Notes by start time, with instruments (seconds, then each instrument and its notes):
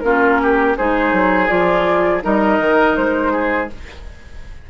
0.00 bassoon A#3, clarinet C#4, oboe F4, flute A#4
0.42 oboe G4
0.77 bassoon G#3, clarinet D#4, oboe G#4, flute C5
1.12 bassoon F#3
1.48 bassoon F3, clarinet F4, flute D5
2.21 bassoon G3, clarinet D#4, oboe A#4, flute D#5
2.59 bassoon D#3
2.96 bassoon G#3, flute C5
3.32 oboe G#4